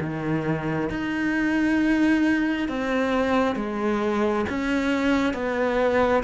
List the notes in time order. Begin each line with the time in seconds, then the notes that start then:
0.00 D#3
0.90 D#4
2.68 C4
3.56 G#3
4.49 C#4
5.33 B3